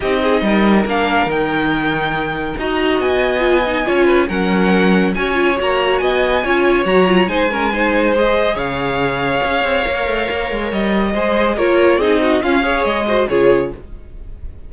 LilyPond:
<<
  \new Staff \with { instrumentName = "violin" } { \time 4/4 \tempo 4 = 140 dis''2 f''4 g''4~ | g''2 ais''4 gis''4~ | gis''2 fis''2 | gis''4 ais''4 gis''2 |
ais''4 gis''2 dis''4 | f''1~ | f''4 dis''2 cis''4 | dis''4 f''4 dis''4 cis''4 | }
  \new Staff \with { instrumentName = "violin" } { \time 4/4 g'8 gis'8 ais'2.~ | ais'2 dis''2~ | dis''4 cis''8 b'8 ais'2 | cis''2 dis''4 cis''4~ |
cis''4 c''8 ais'8 c''2 | cis''1~ | cis''2 c''4 ais'4 | gis'8 fis'8 f'8 cis''4 c''8 gis'4 | }
  \new Staff \with { instrumentName = "viola" } { \time 4/4 dis'2 d'4 dis'4~ | dis'2 fis'2 | f'8 dis'8 f'4 cis'2 | fis'8 f'8 fis'2 f'4 |
fis'8 f'8 dis'8 cis'8 dis'4 gis'4~ | gis'2. ais'4~ | ais'2 gis'4 f'4 | dis'4 cis'8 gis'4 fis'8 f'4 | }
  \new Staff \with { instrumentName = "cello" } { \time 4/4 c'4 g4 ais4 dis4~ | dis2 dis'4 b4~ | b4 cis'4 fis2 | cis'4 ais4 b4 cis'4 |
fis4 gis2. | cis2 cis'8 c'8 ais8 a8 | ais8 gis8 g4 gis4 ais4 | c'4 cis'4 gis4 cis4 | }
>>